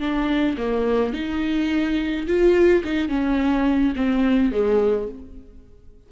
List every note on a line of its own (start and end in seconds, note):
0.00 0.57 D4
0.57 1.13 A#3
1.13 2.27 D#4
2.27 2.84 F4
2.84 3.09 D#4
3.09 3.94 C#4
3.95 4.52 C4
4.52 5.08 G#3